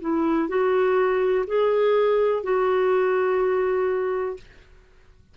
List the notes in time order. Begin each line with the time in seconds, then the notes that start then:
0.00 E4
0.48 F#4
1.46 G#4
2.43 F#4